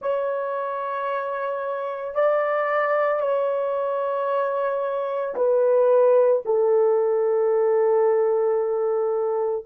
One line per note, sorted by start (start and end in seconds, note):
0.01 2.14 C#5
2.14 3.20 D5
3.20 5.34 C#5
5.35 6.42 B4
6.45 9.65 A4